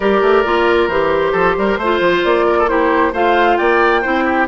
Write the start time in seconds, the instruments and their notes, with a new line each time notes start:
0.00 bassoon G3, clarinet G4, oboe A#4, flute D5
0.21 bassoon A3
0.45 bassoon A#3, clarinet F4
0.88 bassoon E3, clarinet G4, flute C5
1.32 bassoon F3, oboe A4
1.57 bassoon G3, oboe A#4
1.77 bassoon A3, clarinet F4, oboe C5
2.00 bassoon F3
2.23 bassoon A#3, flute D5
2.46 oboe A#4
2.58 oboe A4
2.67 clarinet E4, oboe G4, flute C5
3.12 bassoon A3, clarinet F4, oboe C5, flute F5
3.57 bassoon A#3, oboe D5, flute G5
4.01 bassoon C4, clarinet E4, oboe C5
4.25 oboe G4